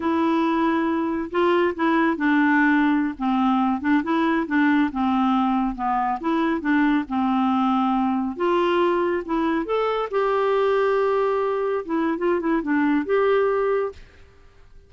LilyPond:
\new Staff \with { instrumentName = "clarinet" } { \time 4/4 \tempo 4 = 138 e'2. f'4 | e'4 d'2~ d'16 c'8.~ | c'8. d'8 e'4 d'4 c'8.~ | c'4~ c'16 b4 e'4 d'8.~ |
d'16 c'2. f'8.~ | f'4~ f'16 e'4 a'4 g'8.~ | g'2.~ g'16 e'8. | f'8 e'8 d'4 g'2 | }